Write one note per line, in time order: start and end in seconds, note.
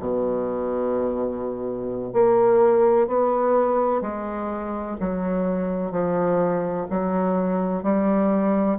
0.00 2.13 B2
2.13 3.08 A#3
3.08 4.02 B3
4.02 4.97 G#3
5.00 5.92 F#3
5.92 6.87 F3
6.90 7.83 F#3
7.83 8.78 G3